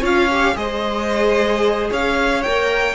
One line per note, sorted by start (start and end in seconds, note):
0.00 0.56 C#4
0.00 0.28 F4
0.00 0.54 C#5
0.00 0.56 F5
0.31 0.55 G4
0.55 1.90 G#3
0.55 2.42 G#4
0.55 1.90 C5
0.55 1.90 D#5
1.90 2.45 C#4
1.90 2.94 C#5
1.90 2.42 F5
2.42 2.94 A#3
2.42 2.94 A#4
2.42 2.94 G5